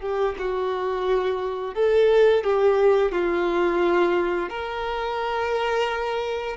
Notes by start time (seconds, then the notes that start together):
0.00 G4
0.38 F#4
1.74 A4
2.44 G4
3.12 F4
4.49 A#4